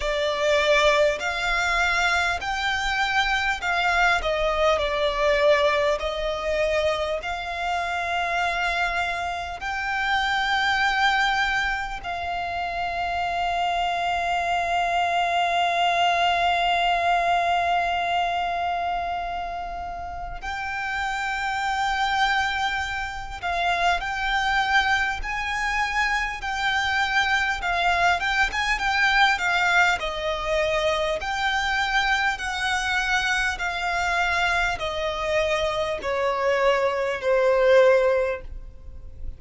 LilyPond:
\new Staff \with { instrumentName = "violin" } { \time 4/4 \tempo 4 = 50 d''4 f''4 g''4 f''8 dis''8 | d''4 dis''4 f''2 | g''2 f''2~ | f''1~ |
f''4 g''2~ g''8 f''8 | g''4 gis''4 g''4 f''8 g''16 gis''16 | g''8 f''8 dis''4 g''4 fis''4 | f''4 dis''4 cis''4 c''4 | }